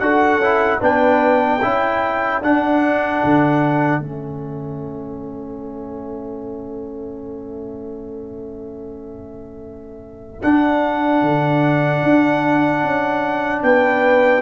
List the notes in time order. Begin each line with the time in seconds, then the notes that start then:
0.00 D4 F#4 A4 F#5
0.37 C#4 E4
0.80 B3 D4 B4 G5
1.58 C#4 E4 A4
2.41 D4 F#5
3.24 D3
3.99 A3 C#4 E5
10.42 D4 F#5
11.22 D3
12.03 D4
12.83 C#4
13.63 B3 B4 G5